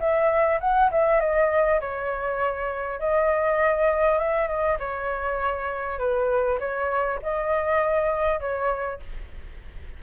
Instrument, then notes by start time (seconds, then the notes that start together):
flute
0.00 E5
0.61 F#5
0.91 E5
1.20 D#5
1.81 C#5
3.00 D#5
4.19 E5
4.48 D#5
4.79 C#5
5.99 B4
6.60 C#5
7.23 D#5
8.40 C#5